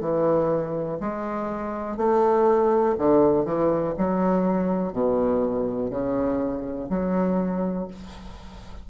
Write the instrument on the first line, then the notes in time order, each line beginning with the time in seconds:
bassoon
0.00 E3
1.00 G#3
1.97 A3
2.98 D3
3.45 E3
3.97 F#3
4.92 B2
5.90 C#3
6.89 F#3